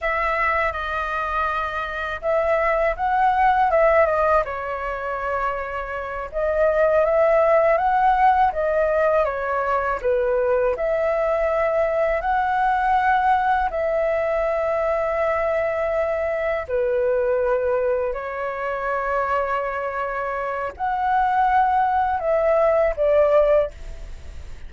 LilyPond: \new Staff \with { instrumentName = "flute" } { \time 4/4 \tempo 4 = 81 e''4 dis''2 e''4 | fis''4 e''8 dis''8 cis''2~ | cis''8 dis''4 e''4 fis''4 dis''8~ | dis''8 cis''4 b'4 e''4.~ |
e''8 fis''2 e''4.~ | e''2~ e''8 b'4.~ | b'8 cis''2.~ cis''8 | fis''2 e''4 d''4 | }